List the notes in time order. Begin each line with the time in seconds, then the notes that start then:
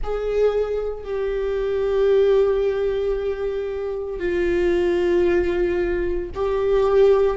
0.03 G#4
1.03 G4
4.19 F4
6.34 G4